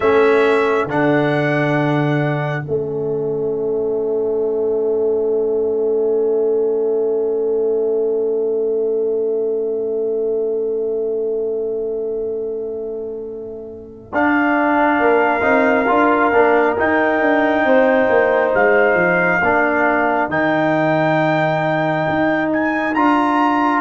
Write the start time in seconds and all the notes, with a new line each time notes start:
0.00 A3 C#4 A4 E5
0.86 D3 D4 F#5
2.62 A3 C#4 E5
14.11 D4 F5
14.99 A#3 A#4
15.41 C4 D#4
15.87 D4 F4
16.32 A#3 D4
16.77 D#4 G5
17.20 D4
17.64 C4 C5
18.09 A#3
18.54 G#3 F5
18.94 F3
19.41 A#3 D4 A#4
20.29 D#3 D#4 G5
22.08 D#4
22.52 G#5
22.94 D4 F4 A#5